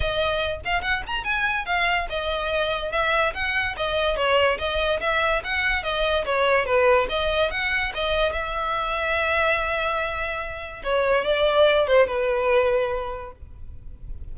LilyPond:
\new Staff \with { instrumentName = "violin" } { \time 4/4 \tempo 4 = 144 dis''4. f''8 fis''8 ais''8 gis''4 | f''4 dis''2 e''4 | fis''4 dis''4 cis''4 dis''4 | e''4 fis''4 dis''4 cis''4 |
b'4 dis''4 fis''4 dis''4 | e''1~ | e''2 cis''4 d''4~ | d''8 c''8 b'2. | }